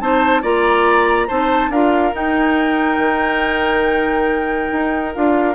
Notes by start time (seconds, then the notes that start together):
0.00 C4 D#4 C5 A5
0.42 A#3 F4 D5 A#5
1.27 C4 D#4 C5 A5
1.69 D4 F4 A#4 F5
2.12 D#4 G5
2.98 D#3
4.72 D#4
5.14 D4 F4 F5